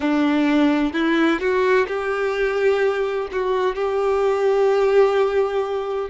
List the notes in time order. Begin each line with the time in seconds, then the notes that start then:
0.00 D4
0.93 E4
1.39 F#4
1.87 G4
3.32 F#4
3.75 G4